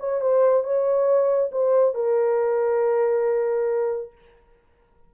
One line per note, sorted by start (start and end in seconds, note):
0.00 0.21 C#5
0.21 0.64 C5
0.64 1.51 C#5
1.52 1.95 C5
1.95 4.12 A#4